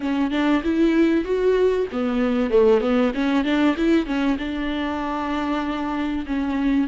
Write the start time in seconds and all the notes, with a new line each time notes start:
0.00 C#4
0.31 D4
0.63 E4
1.24 F#4
1.91 B3
2.50 A3
2.80 B3
3.14 C#4
3.44 D4
3.76 E4
4.06 C#4
4.38 D4
6.26 C#4